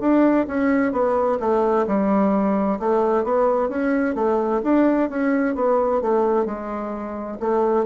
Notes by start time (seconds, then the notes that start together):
0.00 D4
0.47 C#4
0.92 B3
1.40 A3
1.87 G3
2.79 A3
3.24 B3
3.69 C#4
4.15 A3
4.63 D4
5.09 C#4
5.55 B3
6.01 A3
6.45 G#3
7.40 A3